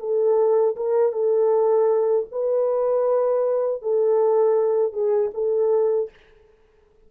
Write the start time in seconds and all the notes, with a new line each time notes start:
0.00 A4
0.77 A#4
1.13 A4
2.32 B4
3.83 A4
4.93 G#4
5.35 A4